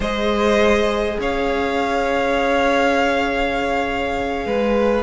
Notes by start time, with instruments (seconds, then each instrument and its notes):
0.00 cello G#3, viola G#4, violin C5 D#5
1.19 cello C#4, violin C#5 F5
4.45 cello G#3, violin B4